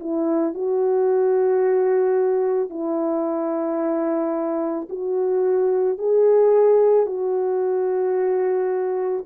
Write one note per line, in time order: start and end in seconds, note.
0.00 0.55 E4
0.55 2.70 F#4
2.70 4.88 E4
4.90 5.99 F#4
5.99 7.07 G#4
7.07 9.25 F#4